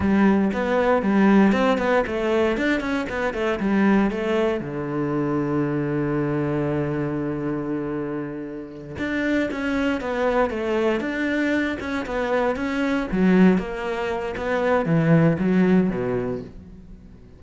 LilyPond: \new Staff \with { instrumentName = "cello" } { \time 4/4 \tempo 4 = 117 g4 b4 g4 c'8 b8 | a4 d'8 cis'8 b8 a8 g4 | a4 d2.~ | d1~ |
d4. d'4 cis'4 b8~ | b8 a4 d'4. cis'8 b8~ | b8 cis'4 fis4 ais4. | b4 e4 fis4 b,4 | }